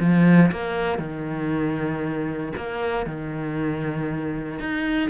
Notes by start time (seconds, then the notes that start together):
0.00 F3
0.52 A#3
0.99 D#3
2.57 A#3
3.06 D#3
4.60 D#4